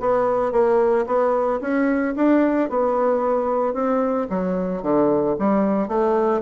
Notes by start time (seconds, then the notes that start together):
0.00 B3
0.52 A#3
1.06 B3
1.61 C#4
2.16 D4
2.70 B3
3.74 C4
4.30 F#3
4.82 D3
5.39 G3
5.88 A3